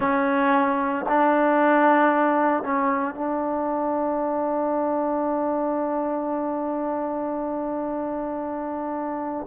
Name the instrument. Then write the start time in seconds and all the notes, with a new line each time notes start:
trombone
0.00 C#4
1.08 D4
2.63 C#4
3.14 D4